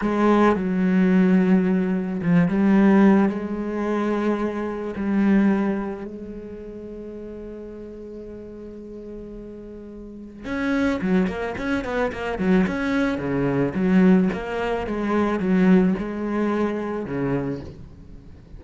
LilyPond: \new Staff \with { instrumentName = "cello" } { \time 4/4 \tempo 4 = 109 gis4 fis2. | f8 g4. gis2~ | gis4 g2 gis4~ | gis1~ |
gis2. cis'4 | fis8 ais8 cis'8 b8 ais8 fis8 cis'4 | cis4 fis4 ais4 gis4 | fis4 gis2 cis4 | }